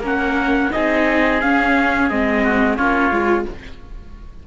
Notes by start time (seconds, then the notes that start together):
0.00 A#3 C#4 A#4
0.06 F#5
0.71 C4 D#4 G#4 D#5
1.41 C#4 F5
2.10 G#3 C4 D#5
2.43 F#4
2.76 A#3 C#4 F4 C#5
3.11 G#3 F4